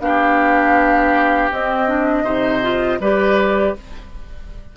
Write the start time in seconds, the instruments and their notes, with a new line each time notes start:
0.00 bassoon B3, clarinet D4, oboe G4, flute F5
1.52 bassoon C4, clarinet C4, flute D#5
1.88 clarinet D4
2.23 bassoon C3, clarinet D#4, oboe C5
2.63 clarinet F4
3.00 bassoon G3, clarinet G4, oboe B4, flute D5